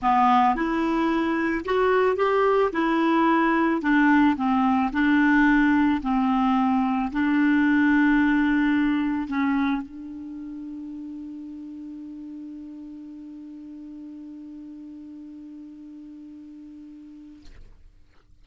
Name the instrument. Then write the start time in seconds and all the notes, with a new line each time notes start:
clarinet
0.01 B3
0.55 E4
1.65 F#4
2.16 G4
2.72 E4
3.81 D4
4.36 C4
4.92 D4
6.02 C4
7.12 D4
9.27 C#4
9.82 D4